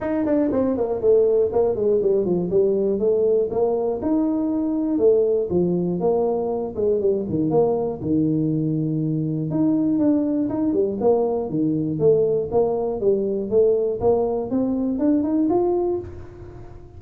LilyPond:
\new Staff \with { instrumentName = "tuba" } { \time 4/4 \tempo 4 = 120 dis'8 d'8 c'8 ais8 a4 ais8 gis8 | g8 f8 g4 a4 ais4 | dis'2 a4 f4 | ais4. gis8 g8 dis8 ais4 |
dis2. dis'4 | d'4 dis'8 g8 ais4 dis4 | a4 ais4 g4 a4 | ais4 c'4 d'8 dis'8 f'4 | }